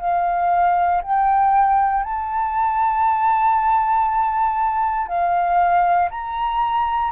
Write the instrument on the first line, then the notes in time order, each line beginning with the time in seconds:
flute
0.00 F5
1.02 G5
2.03 A5
5.08 F5
6.10 A#5